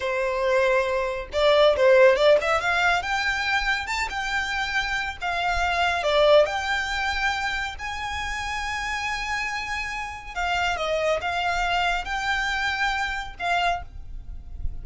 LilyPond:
\new Staff \with { instrumentName = "violin" } { \time 4/4 \tempo 4 = 139 c''2. d''4 | c''4 d''8 e''8 f''4 g''4~ | g''4 a''8 g''2~ g''8 | f''2 d''4 g''4~ |
g''2 gis''2~ | gis''1 | f''4 dis''4 f''2 | g''2. f''4 | }